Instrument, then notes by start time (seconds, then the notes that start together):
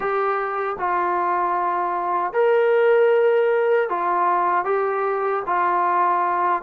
trombone
0.00 G4
0.78 F4
2.33 A#4
3.89 F4
4.64 G4
5.46 F4